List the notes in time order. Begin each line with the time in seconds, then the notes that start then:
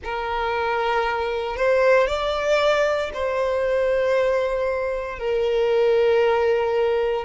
0.03 A#4
1.56 C5
2.07 D5
3.13 C5
5.19 A#4